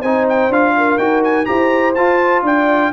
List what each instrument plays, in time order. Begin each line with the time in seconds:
0.00 tuba C4, trombone D#4, horn C5, trumpet G#5
0.29 trumpet G5
0.49 tuba D4, trombone F4, trumpet F5
0.77 horn A#4
0.98 tuba D#4, trombone F#4, trumpet G5
1.24 trumpet G#5
1.46 tuba E4, trombone G4, horn C5, trumpet A#5
1.95 tuba F4, trombone F4, trumpet A5
2.43 tuba D4, horn D5, trumpet G5